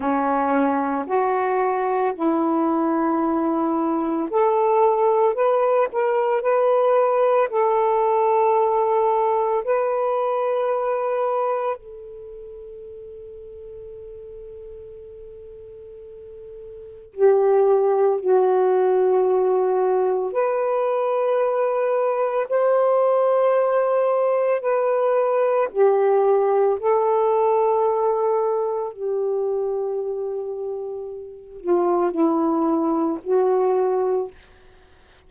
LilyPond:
\new Staff \with { instrumentName = "saxophone" } { \time 4/4 \tempo 4 = 56 cis'4 fis'4 e'2 | a'4 b'8 ais'8 b'4 a'4~ | a'4 b'2 a'4~ | a'1 |
g'4 fis'2 b'4~ | b'4 c''2 b'4 | g'4 a'2 g'4~ | g'4. f'8 e'4 fis'4 | }